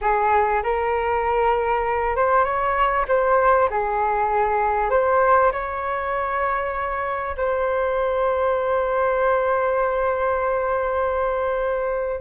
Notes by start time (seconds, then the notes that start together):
0.01 G#4
0.63 A#4
2.16 C5
2.44 C#5
3.08 C5
3.70 G#4
4.90 C5
5.52 C#5
7.36 C5